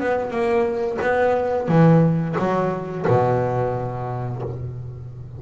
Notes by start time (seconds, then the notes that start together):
0.00 B3
0.31 A#3
1.02 B3
1.68 E3
2.38 F#3
3.07 B2